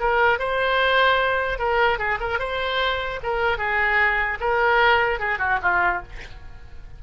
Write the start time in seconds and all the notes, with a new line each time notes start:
0.00 A#4
0.39 C5
1.59 A#4
1.99 G#4
2.21 A#4
2.39 C5
3.23 A#4
3.58 G#4
4.41 A#4
5.19 G#4
5.39 F#4
5.63 F4